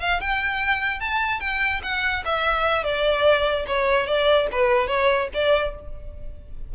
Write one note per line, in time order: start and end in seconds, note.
0.00 0.20 F5
0.20 1.00 G5
1.00 1.40 A5
1.40 1.81 G5
1.83 2.24 F#5
2.25 2.83 E5
2.83 3.65 D5
3.67 4.06 C#5
4.06 4.47 D5
4.52 4.87 B4
4.87 5.28 C#5
5.34 5.75 D5